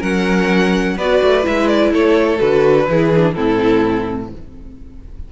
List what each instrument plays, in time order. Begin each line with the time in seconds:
0.00 cello F#3, viola C#4, violin A#4 F#5
0.97 cello B3, viola F#4, violin B4 D5
1.23 cello A3
1.43 cello G#3, viola E4, violin E5
1.68 violin D5
1.93 cello A3, violin A4 C#5
2.39 cello D3, viola F#4, violin B4
2.89 cello E3, viola E4, violin G#4
3.17 viola D4
3.33 cello A2, viola C4, violin E4 A4